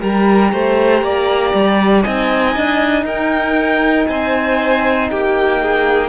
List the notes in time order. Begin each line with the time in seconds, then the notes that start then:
0.00 G3 G4 A#4 A#5
0.53 A3 C5
1.03 A#3 D5
1.54 G3
2.02 C4 D#4 D#5 G#5
2.56 D4
3.04 D#4 A#4 G5
4.07 C4 C5 G#5
5.11 A#3 G4 G5
5.62 G#4